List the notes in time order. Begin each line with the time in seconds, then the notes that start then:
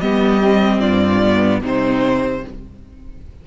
0.00 G3 B3 G4 D#5
0.42 C4
0.79 G2 F4 D5
1.22 B3
1.60 C3 C4 D#4 C5